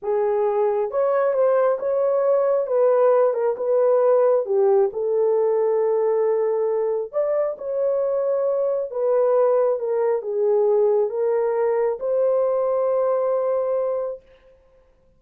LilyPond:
\new Staff \with { instrumentName = "horn" } { \time 4/4 \tempo 4 = 135 gis'2 cis''4 c''4 | cis''2 b'4. ais'8 | b'2 g'4 a'4~ | a'1 |
d''4 cis''2. | b'2 ais'4 gis'4~ | gis'4 ais'2 c''4~ | c''1 | }